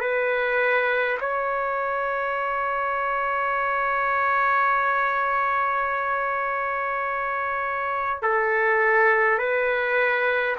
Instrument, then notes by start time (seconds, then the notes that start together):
trumpet
0.00 B4
1.20 C#5
8.22 A4
9.38 B4